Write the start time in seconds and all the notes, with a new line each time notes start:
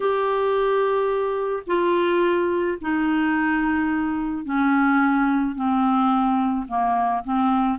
0.00 G4
1.66 F4
2.81 D#4
4.44 C#4
5.55 C4
6.67 A#3
7.24 C4